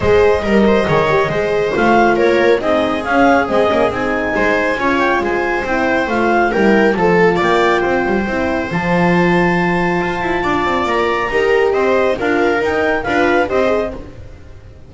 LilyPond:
<<
  \new Staff \with { instrumentName = "clarinet" } { \time 4/4 \tempo 4 = 138 dis''1 | f''4 cis''4 dis''4 f''4 | dis''4 gis''2~ gis''8 g''8 | gis''4 g''4 f''4 g''4 |
a''4 g''2. | a''1~ | a''4 ais''2 dis''4 | f''4 g''4 f''4 dis''4 | }
  \new Staff \with { instrumentName = "viola" } { \time 4/4 c''4 ais'8 c''8 cis''4 c''4~ | c''4 ais'4 gis'2~ | gis'2 c''4 cis''4 | c''2. ais'4 |
a'4 d''4 c''2~ | c''1 | d''2 ais'4 c''4 | ais'2 b'4 c''4 | }
  \new Staff \with { instrumentName = "horn" } { \time 4/4 gis'4 ais'4 gis'8 g'8 gis'4 | f'2 dis'4 cis'4 | c'8 cis'8 dis'2 f'4~ | f'4 e'4 f'4 e'4 |
f'2. e'4 | f'1~ | f'2 g'2 | f'4 dis'4 f'4 g'8 gis'8 | }
  \new Staff \with { instrumentName = "double bass" } { \time 4/4 gis4 g4 dis4 gis4 | a4 ais4 c'4 cis'4 | gis8 ais8 c'4 gis4 cis'4 | gis4 c'4 a4 g4 |
f4 ais4 c'8 g8 c'4 | f2. f'8 e'8 | d'8 c'8 ais4 dis'4 c'4 | d'4 dis'4 d'4 c'4 | }
>>